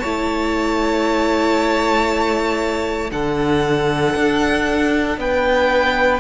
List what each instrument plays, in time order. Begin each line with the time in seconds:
0.00 cello A3, viola E4, violin C#5 A5
3.11 cello D3, viola D4, violin A4 F#5
4.16 cello D4
5.18 cello B3, violin B4 G5